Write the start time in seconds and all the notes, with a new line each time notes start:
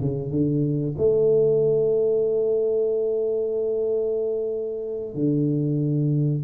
0.00 C#3
0.31 D3
0.98 A3
5.14 D3